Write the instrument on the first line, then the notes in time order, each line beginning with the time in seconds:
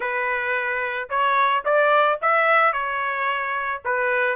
trumpet
0.00 B4
1.09 C#5
1.64 D5
2.21 E5
2.72 C#5
3.84 B4